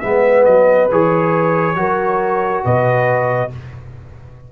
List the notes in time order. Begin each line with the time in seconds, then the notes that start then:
0.00 G#3 B3 B4 E5
0.45 F#3 D#5
0.91 E3 G#4 C#5
1.76 F#3 F#4 A#4
2.64 B2 B4 D#5